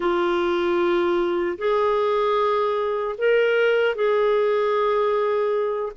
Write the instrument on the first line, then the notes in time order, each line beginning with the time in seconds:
clarinet
0.00 F4
1.58 G#4
3.18 A#4
3.95 G#4